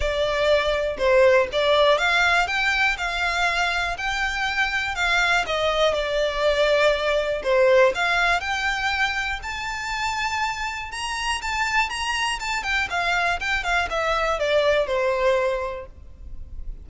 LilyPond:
\new Staff \with { instrumentName = "violin" } { \time 4/4 \tempo 4 = 121 d''2 c''4 d''4 | f''4 g''4 f''2 | g''2 f''4 dis''4 | d''2. c''4 |
f''4 g''2 a''4~ | a''2 ais''4 a''4 | ais''4 a''8 g''8 f''4 g''8 f''8 | e''4 d''4 c''2 | }